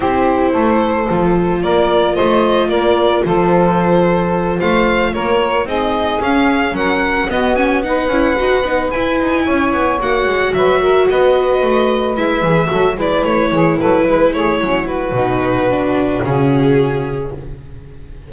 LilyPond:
<<
  \new Staff \with { instrumentName = "violin" } { \time 4/4 \tempo 4 = 111 c''2. d''4 | dis''4 d''4 c''2~ | c''8 f''4 cis''4 dis''4 f''8~ | f''8 fis''4 dis''8 gis''8 fis''4.~ |
fis''8 gis''2 fis''4 e''8~ | e''8 dis''2 e''4. | d''8 cis''4 b'4 cis''4 b'8~ | b'2 gis'2 | }
  \new Staff \with { instrumentName = "saxophone" } { \time 4/4 g'4 a'2 ais'4 | c''4 ais'4 a'2~ | a'8 c''4 ais'4 gis'4.~ | gis'8 ais'4 fis'4 b'4.~ |
b'4. cis''2 b'8 | ais'8 b'2. a'8 | b'4 gis'8 a'8 b'8 gis'8 cis'8 fis'8~ | fis'1 | }
  \new Staff \with { instrumentName = "viola" } { \time 4/4 e'2 f'2~ | f'1~ | f'2~ f'8 dis'4 cis'8~ | cis'4. b8 cis'8 dis'8 e'8 fis'8 |
dis'8 e'2 fis'4.~ | fis'2~ fis'8 e'8 gis'8 fis'8 | e'1 | dis'4 d'4 cis'2 | }
  \new Staff \with { instrumentName = "double bass" } { \time 4/4 c'4 a4 f4 ais4 | a4 ais4 f2~ | f8 a4 ais4 c'4 cis'8~ | cis'8 fis4 b4. cis'8 dis'8 |
b8 e'8 dis'8 cis'8 b8 ais8 gis8 fis8~ | fis8 b4 a4 gis8 e8 fis8 | gis8 a8 e8 fis8 gis8 a8 fis4 | b,2 cis2 | }
>>